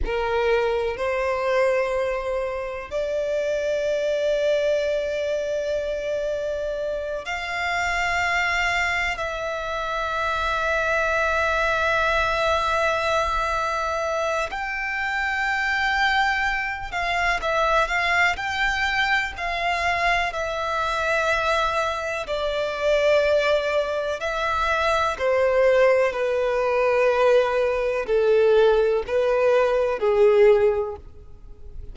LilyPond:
\new Staff \with { instrumentName = "violin" } { \time 4/4 \tempo 4 = 62 ais'4 c''2 d''4~ | d''2.~ d''8 f''8~ | f''4. e''2~ e''8~ | e''2. g''4~ |
g''4. f''8 e''8 f''8 g''4 | f''4 e''2 d''4~ | d''4 e''4 c''4 b'4~ | b'4 a'4 b'4 gis'4 | }